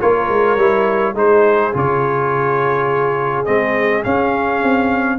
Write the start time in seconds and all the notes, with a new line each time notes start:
0.00 A#3 F4 A#4 C#5
0.29 G#3
0.57 G3 E4
1.14 G#3 D#4 G#4 C5
1.73 C#3 F4 C#5
3.45 G#3 C4 D#5
4.03 C#4 F5
4.63 C4